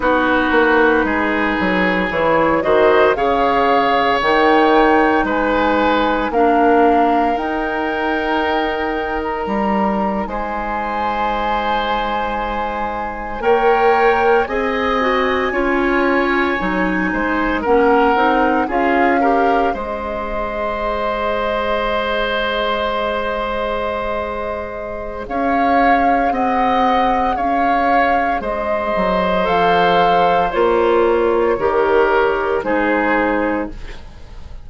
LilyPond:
<<
  \new Staff \with { instrumentName = "flute" } { \time 4/4 \tempo 4 = 57 b'2 cis''8 dis''8 f''4 | g''4 gis''4 f''4 g''4~ | g''8. ais''4 gis''2~ gis''16~ | gis''8. g''4 gis''2~ gis''16~ |
gis''8. fis''4 f''4 dis''4~ dis''16~ | dis''1 | f''4 fis''4 f''4 dis''4 | f''4 cis''2 c''4 | }
  \new Staff \with { instrumentName = "oboe" } { \time 4/4 fis'4 gis'4. c''8 cis''4~ | cis''4 b'4 ais'2~ | ais'4.~ ais'16 c''2~ c''16~ | c''8. cis''4 dis''4 cis''4~ cis''16~ |
cis''16 c''8 ais'4 gis'8 ais'8 c''4~ c''16~ | c''1 | cis''4 dis''4 cis''4 c''4~ | c''2 ais'4 gis'4 | }
  \new Staff \with { instrumentName = "clarinet" } { \time 4/4 dis'2 e'8 fis'8 gis'4 | dis'2 d'4 dis'4~ | dis'1~ | dis'8. ais'4 gis'8 fis'8 f'4 dis'16~ |
dis'8. cis'8 dis'8 f'8 g'8 gis'4~ gis'16~ | gis'1~ | gis'1 | a'4 f'4 g'4 dis'4 | }
  \new Staff \with { instrumentName = "bassoon" } { \time 4/4 b8 ais8 gis8 fis8 e8 dis8 cis4 | dis4 gis4 ais4 dis'4~ | dis'4 g8. gis2~ gis16~ | gis8. ais4 c'4 cis'4 fis16~ |
fis16 gis8 ais8 c'8 cis'4 gis4~ gis16~ | gis1 | cis'4 c'4 cis'4 gis8 fis8 | f4 ais4 dis4 gis4 | }
>>